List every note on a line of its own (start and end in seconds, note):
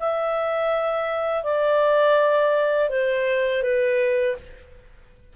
0.00 1.44 E5
1.44 2.89 D5
2.89 3.63 C5
3.63 4.36 B4